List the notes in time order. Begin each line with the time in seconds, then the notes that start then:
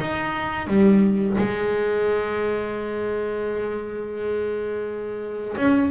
0.00 D#4
0.67 G3
1.38 G#3
5.57 C#4